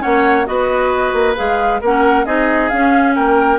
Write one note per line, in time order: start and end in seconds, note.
0.00 0.47 A#3
0.00 0.45 C#4
0.00 0.46 C#5
0.00 0.46 F#5
0.45 1.13 B3
0.45 1.34 F#4
0.45 1.81 B4
0.45 1.35 D#5
1.13 1.35 A#3
1.35 1.81 G#3
1.35 1.80 G#4
1.35 1.81 F5
1.81 2.25 A#3
1.81 2.25 C#4
1.81 2.25 A#4
1.81 2.25 F#5
2.25 2.70 C4
2.25 2.70 D#4
2.25 3.15 G#4
2.25 2.69 D#5
2.69 3.59 C#4
2.69 3.17 C#4
2.69 3.13 F5
3.14 3.59 A#3
3.14 3.59 A#4
3.14 3.59 G5